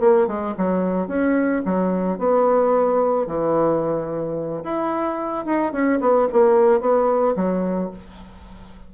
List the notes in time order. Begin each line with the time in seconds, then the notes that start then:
0.00 A#3
0.27 G#3
0.58 F#3
1.07 C#4
1.65 F#3
2.18 B3
3.27 E3
4.64 E4
5.45 D#4
5.72 C#4
6.00 B3
6.32 A#3
6.80 B3
7.36 F#3